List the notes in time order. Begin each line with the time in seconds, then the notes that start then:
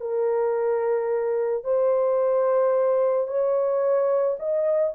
0.00 A#4
1.64 C5
3.27 C#5
4.39 D#5